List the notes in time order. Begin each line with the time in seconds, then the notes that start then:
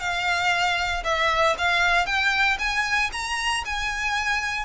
0.00 F5
1.04 E5
1.58 F5
2.06 G5
2.59 G#5
3.12 A#5
3.65 G#5